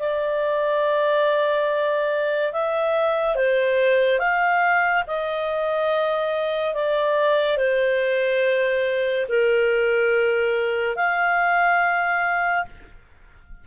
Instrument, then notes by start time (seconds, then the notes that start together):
clarinet
0.00 D5
2.53 E5
3.36 C5
4.19 F5
5.08 D#5
6.75 D5
7.58 C5
9.29 A#4
10.96 F5